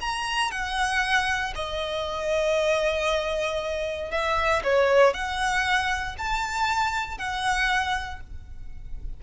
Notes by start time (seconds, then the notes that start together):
0.00 A#5
0.51 F#5
1.55 D#5
4.11 E5
4.63 C#5
5.13 F#5
6.18 A5
7.18 F#5